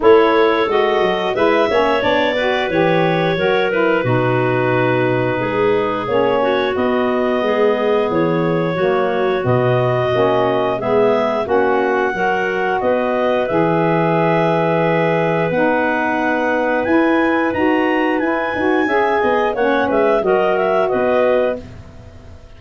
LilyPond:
<<
  \new Staff \with { instrumentName = "clarinet" } { \time 4/4 \tempo 4 = 89 cis''4 dis''4 e''4 d''4 | cis''4. b'2~ b'8~ | b'4 cis''4 dis''2 | cis''2 dis''2 |
e''4 fis''2 dis''4 | e''2. fis''4~ | fis''4 gis''4 ais''4 gis''4~ | gis''4 fis''8 e''8 dis''8 e''8 dis''4 | }
  \new Staff \with { instrumentName = "clarinet" } { \time 4/4 a'2 b'8 cis''4 b'8~ | b'4 ais'4 fis'2 | gis'4. fis'4. gis'4~ | gis'4 fis'2. |
gis'4 fis'4 ais'4 b'4~ | b'1~ | b'1 | e''8 dis''8 cis''8 b'8 ais'4 b'4 | }
  \new Staff \with { instrumentName = "saxophone" } { \time 4/4 e'4 fis'4 e'8 cis'8 d'8 fis'8 | g'4 fis'8 e'8 dis'2~ | dis'4 cis'4 b2~ | b4 ais4 b4 cis'4 |
b4 cis'4 fis'2 | gis'2. dis'4~ | dis'4 e'4 fis'4 e'8 fis'8 | gis'4 cis'4 fis'2 | }
  \new Staff \with { instrumentName = "tuba" } { \time 4/4 a4 gis8 fis8 gis8 ais8 b4 | e4 fis4 b,2 | gis4 ais4 b4 gis4 | e4 fis4 b,4 ais4 |
gis4 ais4 fis4 b4 | e2. b4~ | b4 e'4 dis'4 e'8 dis'8 | cis'8 b8 ais8 gis8 fis4 b4 | }
>>